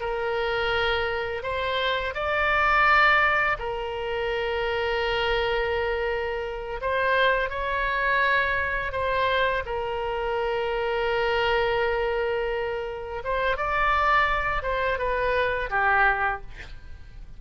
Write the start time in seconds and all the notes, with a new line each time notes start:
0.00 A#4
1.43 C5
2.14 D5
3.58 A#4
6.81 C5
7.49 C#5
8.92 C5
9.65 A#4
13.24 C5
13.56 D5
14.62 C5
14.98 B4
15.70 G4